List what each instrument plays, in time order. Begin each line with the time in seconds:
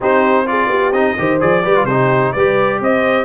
0.00 tuba C4, trombone D#4, horn G4, trumpet C5
0.45 trombone F4, horn G#4, trumpet D5
0.68 tuba B3, horn G4
0.91 tuba C4, trombone D#4, trumpet D#5
1.17 tuba D#3, trombone G4, horn C5
1.40 tuba F3, trombone G#4, trumpet D5
1.63 tuba G3, trombone G4, horn B4
1.75 trombone F4
1.84 tuba C3, trombone D#4, horn G4, trumpet C5
2.32 tuba G3, trombone G4, horn B4, trumpet D5
2.80 tuba C4, horn C5, trumpet D#5